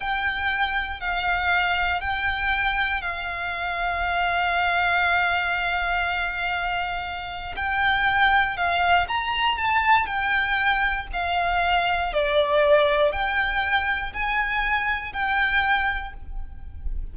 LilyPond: \new Staff \with { instrumentName = "violin" } { \time 4/4 \tempo 4 = 119 g''2 f''2 | g''2 f''2~ | f''1~ | f''2. g''4~ |
g''4 f''4 ais''4 a''4 | g''2 f''2 | d''2 g''2 | gis''2 g''2 | }